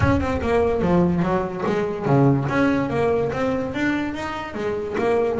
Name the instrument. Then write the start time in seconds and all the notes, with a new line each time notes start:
double bass
0.00 C#4
0.20 C4
0.41 A#3
0.81 F3
1.22 F#3
1.66 G#3
2.05 C#3
2.48 C#4
2.89 A#3
3.32 C4
3.74 D4
4.14 D#4
4.54 G#3
4.98 A#3